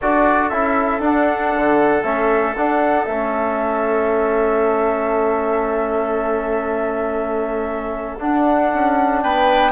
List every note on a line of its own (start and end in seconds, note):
0.01 0.51 D4
0.01 0.52 F#4
0.01 9.23 A4
0.01 0.49 D5
0.49 1.00 C#4
0.49 1.00 E4
0.49 1.00 E5
1.00 1.51 D4
1.00 2.03 D4
1.00 2.03 F#5
1.56 2.03 D3
2.03 2.55 A3
2.03 2.55 C#4
2.03 2.54 E5
2.56 3.06 D4
2.56 3.08 D4
2.56 3.04 F#5
3.04 8.18 A3
3.04 8.19 C#4
3.04 8.17 E5
8.19 9.71 D4
8.19 8.73 D4
8.19 9.22 F#5
8.73 9.23 C#4
9.22 9.71 B3
9.22 9.71 B4
9.22 9.71 G5